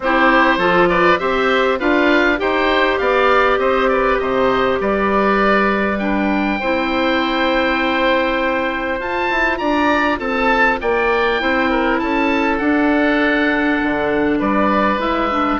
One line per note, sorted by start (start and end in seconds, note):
0.00 0.57 C4
0.00 0.59 E4
0.00 0.58 G4
0.00 0.88 C5
0.57 1.17 F3
0.57 1.19 F4
0.57 0.88 A4
0.88 1.19 B4
0.88 1.18 D5
1.18 1.80 C4
1.18 1.79 G4
1.18 1.79 C5
1.18 1.78 E5
1.79 2.40 D4
1.79 2.37 F4
1.79 2.39 B4
1.79 2.39 F5
2.37 3.00 D#4
2.37 5.97 G4
2.37 3.00 C5
2.37 2.98 G5
2.98 3.58 B3
2.98 3.60 D5
2.98 3.58 F5
3.58 4.18 C4
3.58 3.90 C5
3.58 3.88 D#5
3.88 4.21 B4
3.88 4.18 D5
4.18 4.79 C3
4.18 4.81 C5
4.18 4.78 D#5
4.80 6.60 G3
4.80 6.59 B4
4.80 5.99 D5
5.99 6.59 D4
5.99 8.98 G5
6.59 8.99 C4
6.59 9.00 E4
6.59 9.59 C5
8.99 9.29 F4
8.99 11.39 F4
8.99 9.57 A5
9.30 9.60 E4
9.57 10.19 D4
9.57 10.19 D5
9.57 10.17 A#5
10.19 10.79 C4
10.19 10.79 A4
10.19 10.79 A5
10.80 11.41 A#3
10.80 11.41 D5
10.80 11.98 G5
11.39 12.01 C4
11.39 12.59 E4
11.39 11.70 C5
11.70 12.00 A#4
11.98 12.60 C#4
11.98 14.38 A4
11.98 12.58 A5
12.58 13.79 D4
12.58 14.98 D4
12.58 14.38 F#5
13.83 14.40 D3
14.38 14.98 G3
14.38 15.58 B4
14.38 15.00 D5
14.98 15.58 G#3
14.98 15.28 E4
14.98 15.59 E5
15.30 15.59 D4